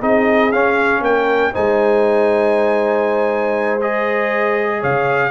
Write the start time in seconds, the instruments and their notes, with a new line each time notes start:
0.00 tuba C4, trombone D#4, horn G#4, trumpet D#5
0.52 tuba C#4, trombone C#4, trumpet F5
1.01 tuba A#3, horn A#4, trumpet G5
1.52 tuba G#3, trombone D#4, horn C5, trumpet G#5
3.81 trombone G#4, trumpet D#5
4.80 tuba C#3, horn C#5, trumpet F5